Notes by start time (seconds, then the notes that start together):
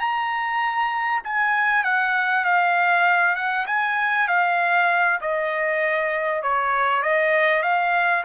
0.00 A#5
1.24 G#5
1.84 F#5
2.45 F5
3.36 F#5
3.67 G#5
4.28 F5
5.21 D#5
6.43 C#5
7.03 D#5
7.63 F5